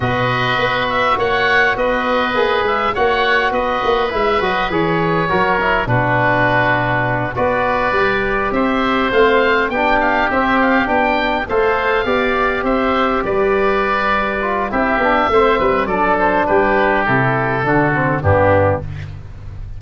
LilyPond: <<
  \new Staff \with { instrumentName = "oboe" } { \time 4/4 \tempo 4 = 102 dis''4. e''8 fis''4 dis''4~ | dis''8 e''8 fis''4 dis''4 e''8 dis''8 | cis''2 b'2~ | b'8 d''2 e''4 f''8~ |
f''8 g''8 f''8 e''8 f''8 g''4 f''8~ | f''4. e''4 d''4.~ | d''4 e''2 d''8 c''8 | b'4 a'2 g'4 | }
  \new Staff \with { instrumentName = "oboe" } { \time 4/4 b'2 cis''4 b'4~ | b'4 cis''4 b'2~ | b'4 ais'4 fis'2~ | fis'8 b'2 c''4.~ |
c''8 g'2. c''8~ | c''8 d''4 c''4 b'4.~ | b'4 g'4 c''8 b'8 a'4 | g'2 fis'4 d'4 | }
  \new Staff \with { instrumentName = "trombone" } { \time 4/4 fis'1 | gis'4 fis'2 e'8 fis'8 | gis'4 fis'8 e'8 d'2~ | d'8 fis'4 g'2 c'8~ |
c'8 d'4 c'4 d'4 a'8~ | a'8 g'2.~ g'8~ | g'8 f'8 e'8 d'8 c'4 d'4~ | d'4 e'4 d'8 c'8 b4 | }
  \new Staff \with { instrumentName = "tuba" } { \time 4/4 b,4 b4 ais4 b4 | ais8 gis8 ais4 b8 ais8 gis8 fis8 | e4 fis4 b,2~ | b,8 b4 g4 c'4 a8~ |
a8 b4 c'4 b4 a8~ | a8 b4 c'4 g4.~ | g4 c'8 b8 a8 g8 fis4 | g4 c4 d4 g,4 | }
>>